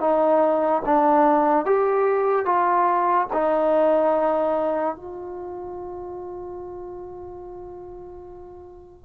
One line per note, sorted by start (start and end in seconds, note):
0.00 0.82 D#4
0.85 1.65 D4
1.65 2.45 G4
2.45 3.27 F4
3.33 4.95 D#4
4.95 9.05 F4